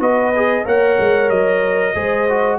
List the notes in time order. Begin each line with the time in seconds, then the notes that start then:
0.00 B3 F#4 B4 D#5
0.36 G#4
0.65 A#3 A#4 C#5 F#5
0.99 G#3
1.30 F#3 D#5
1.95 G#3 G#4 C5
2.29 F#4